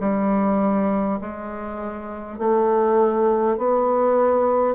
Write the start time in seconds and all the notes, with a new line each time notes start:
0.00 G3
1.21 G#3
2.38 A3
3.57 B3